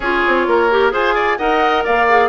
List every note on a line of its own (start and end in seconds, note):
0.00 0.21 C#4
0.00 0.71 F4
0.00 0.46 G#4
0.00 0.90 C#5
0.27 0.46 C4
0.46 0.92 A#3
0.46 0.93 A#4
0.71 0.91 G4
0.91 1.38 F4
0.91 1.37 G#4
0.91 1.14 C5
0.91 1.37 G#5
1.14 1.37 D5
1.37 1.85 D#4
1.37 2.07 A#4
1.37 1.83 D#5
1.37 1.83 F#5
1.83 2.29 A#3
1.83 2.29 D5
1.83 2.29 F5
2.08 2.29 G#4